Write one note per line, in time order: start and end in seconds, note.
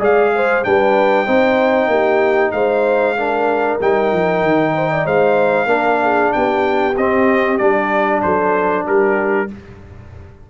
0.00 0.64 G#3
0.00 0.63 G#4
0.00 0.32 D5
0.00 0.64 F5
0.36 0.67 C5
0.64 1.28 G3
0.64 1.27 D4
0.64 1.26 B4
0.64 2.52 G5
1.26 1.88 C4
1.26 3.17 D#4
1.26 1.89 C5
1.88 2.51 A#3
1.88 2.54 G4
2.52 3.80 G#3
2.52 3.17 C5
2.52 3.78 F5
3.17 3.80 D4
3.17 4.74 A#4
3.81 4.13 G3
3.81 5.68 D#4
3.81 5.07 G5
4.13 4.43 F3
4.43 5.06 D#3
4.74 4.90 C5
4.91 5.06 D5
5.06 5.66 G#3
5.06 5.68 C5
5.06 6.33 F5
5.66 6.29 A#3
5.66 6.94 D4
5.66 5.99 A#4
6.03 6.35 G#4
6.33 6.98 B3
6.33 8.24 G4
6.33 6.96 G5
6.98 7.60 C4
6.98 7.59 C4
6.98 7.58 D#5
7.58 8.23 G3
7.58 9.49 D4
7.58 8.21 D5
8.23 8.87 F#3
8.23 8.87 A4
8.23 8.86 C5
8.87 9.51 G3
8.87 9.50 G4
8.87 9.51 A#4